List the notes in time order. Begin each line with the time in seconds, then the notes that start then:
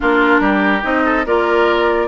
0.00 A#3 D4 F4 A#4
0.39 G3 G4
0.81 C4 D#4 D#5
1.04 A4
1.25 A#3 F4 A#4 D5